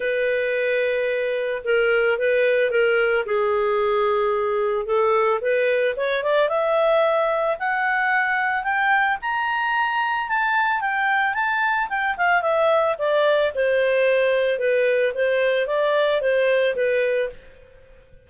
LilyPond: \new Staff \with { instrumentName = "clarinet" } { \time 4/4 \tempo 4 = 111 b'2. ais'4 | b'4 ais'4 gis'2~ | gis'4 a'4 b'4 cis''8 d''8 | e''2 fis''2 |
g''4 ais''2 a''4 | g''4 a''4 g''8 f''8 e''4 | d''4 c''2 b'4 | c''4 d''4 c''4 b'4 | }